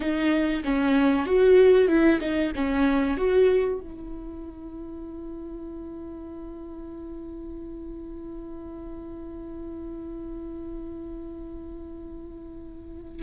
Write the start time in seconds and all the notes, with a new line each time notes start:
0.00 D#4
0.63 C#4
1.26 F#4
1.88 E4
2.20 D#4
2.55 C#4
3.17 F#4
3.80 E4